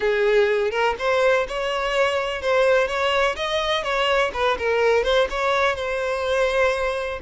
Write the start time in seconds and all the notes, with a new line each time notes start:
0.00 G#4
0.71 A#4
0.98 C5
1.47 C#5
2.41 C5
2.87 C#5
3.36 D#5
3.83 C#5
4.33 B4
4.58 A#4
5.03 C5
5.30 C#5
5.75 C5